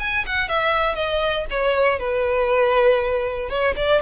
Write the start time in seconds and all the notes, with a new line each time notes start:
0.00 G#5
0.27 F#5
0.49 E5
0.95 D#5
1.51 C#5
1.99 B4
3.50 C#5
3.76 D5